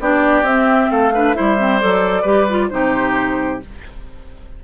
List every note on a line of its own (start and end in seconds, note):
0.00 0.43 B3
0.00 0.45 D4
0.00 0.91 G4
0.00 0.46 D5
0.43 0.88 C4
0.43 1.14 C4
0.43 0.91 E5
0.91 1.36 A3
0.91 1.14 A4
0.91 1.35 F5
1.14 1.35 D4
1.14 1.37 B4
1.35 1.84 G3
1.35 1.57 E4
1.35 2.22 C5
1.35 1.80 E5
1.58 1.81 C4
1.80 2.24 F#3
1.80 2.25 A4
1.80 2.70 D5
2.22 2.69 G3
2.22 2.47 G4
2.22 2.67 B4
2.50 2.70 F4
2.70 3.63 C3
2.70 3.61 D#4
2.70 3.64 G4
2.70 3.60 C5